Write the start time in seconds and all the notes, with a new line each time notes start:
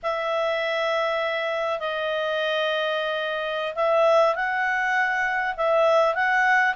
0.02 E5
1.79 D#5
3.75 E5
4.35 F#5
5.56 E5
6.14 F#5